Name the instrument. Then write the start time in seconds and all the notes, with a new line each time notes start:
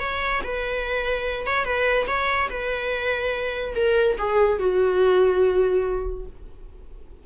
viola
0.00 C#5
0.44 B4
1.47 C#5
1.65 B4
2.07 C#5
2.50 B4
3.75 A#4
4.18 G#4
4.59 F#4